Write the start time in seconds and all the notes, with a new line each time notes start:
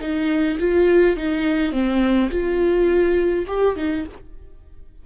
0.00 D#4
0.59 F4
1.16 D#4
1.72 C4
2.30 F4
3.47 G4
3.76 D#4